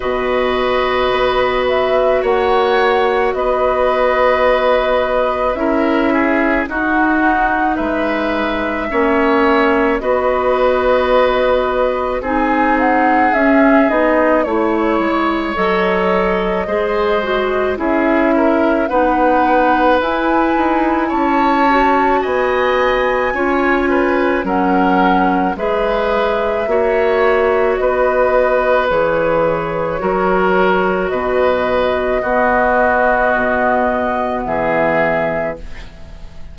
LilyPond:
<<
  \new Staff \with { instrumentName = "flute" } { \time 4/4 \tempo 4 = 54 dis''4. e''8 fis''4 dis''4~ | dis''4 e''4 fis''4 e''4~ | e''4 dis''2 gis''8 fis''8 | e''8 dis''8 cis''4 dis''2 |
e''4 fis''4 gis''4 a''4 | gis''2 fis''4 e''4~ | e''4 dis''4 cis''2 | dis''2. e''4 | }
  \new Staff \with { instrumentName = "oboe" } { \time 4/4 b'2 cis''4 b'4~ | b'4 ais'8 gis'8 fis'4 b'4 | cis''4 b'2 gis'4~ | gis'4 cis''2 c''4 |
gis'8 ais'8 b'2 cis''4 | dis''4 cis''8 b'8 ais'4 b'4 | cis''4 b'2 ais'4 | b'4 fis'2 gis'4 | }
  \new Staff \with { instrumentName = "clarinet" } { \time 4/4 fis'1~ | fis'4 e'4 dis'2 | cis'4 fis'2 dis'4 | cis'8 dis'8 e'4 a'4 gis'8 fis'8 |
e'4 dis'4 e'4. fis'8~ | fis'4 f'4 cis'4 gis'4 | fis'2 gis'4 fis'4~ | fis'4 b2. | }
  \new Staff \with { instrumentName = "bassoon" } { \time 4/4 b,4 b4 ais4 b4~ | b4 cis'4 dis'4 gis4 | ais4 b2 c'4 | cis'8 b8 a8 gis8 fis4 gis4 |
cis'4 b4 e'8 dis'8 cis'4 | b4 cis'4 fis4 gis4 | ais4 b4 e4 fis4 | b,4 b4 b,4 e4 | }
>>